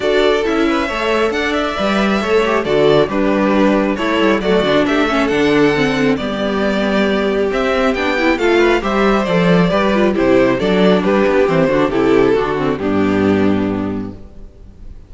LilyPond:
<<
  \new Staff \with { instrumentName = "violin" } { \time 4/4 \tempo 4 = 136 d''4 e''2 fis''8 e''8~ | e''2 d''4 b'4~ | b'4 cis''4 d''4 e''4 | fis''2 d''2~ |
d''4 e''4 g''4 f''4 | e''4 d''2 c''4 | d''4 b'4 c''4 a'4~ | a'4 g'2. | }
  \new Staff \with { instrumentName = "violin" } { \time 4/4 a'4. b'8 cis''4 d''4~ | d''4 cis''4 a'4 d'4~ | d'4 e'4 fis'4 g'8 a'8~ | a'2 g'2~ |
g'2. a'8 b'8 | c''2 b'4 g'4 | a'4 g'4. fis'8 g'4 | fis'4 d'2. | }
  \new Staff \with { instrumentName = "viola" } { \time 4/4 fis'4 e'4 a'2 | b'4 a'8 g'8 fis'4 g'4~ | g'4 a'4 a8 d'4 cis'8 | d'4 c'4 b2~ |
b4 c'4 d'8 e'8 f'4 | g'4 a'4 g'8 f'8 e'4 | d'2 c'8 d'8 e'4 | d'8 c'8 b2. | }
  \new Staff \with { instrumentName = "cello" } { \time 4/4 d'4 cis'4 a4 d'4 | g4 a4 d4 g4~ | g4 a8 g8 fis8 d8 a4 | d2 g2~ |
g4 c'4 b4 a4 | g4 f4 g4 c4 | fis4 g8 b8 e8 d8 c4 | d4 g,2. | }
>>